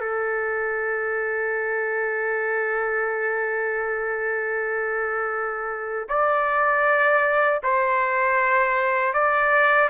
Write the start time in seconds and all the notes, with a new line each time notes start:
0.00 A4
6.09 D5
7.63 C5
9.14 D5